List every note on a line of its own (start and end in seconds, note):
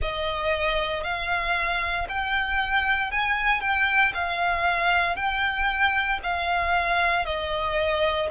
0.01 1.03 D#5
1.03 2.07 F5
2.08 3.11 G5
3.11 3.61 G#5
3.61 4.12 G5
4.14 5.15 F5
5.15 6.19 G5
6.23 7.25 F5
7.25 8.28 D#5